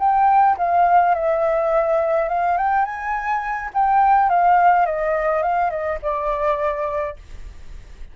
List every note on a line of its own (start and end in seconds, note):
0.00 0.57 G5
0.58 1.15 F5
1.15 2.29 E5
2.29 2.58 F5
2.58 2.85 G5
2.85 3.71 G#5
3.74 4.30 G5
4.30 4.86 F5
4.86 5.43 D#5
5.43 5.70 F5
5.70 5.99 D#5
6.02 7.17 D5